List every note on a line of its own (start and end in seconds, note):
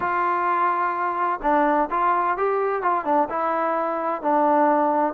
0.00 1.40 F4
1.42 1.89 D4
1.90 2.37 F4
2.37 2.82 G4
2.82 3.04 F4
3.04 3.28 D4
3.29 4.22 E4
4.22 5.14 D4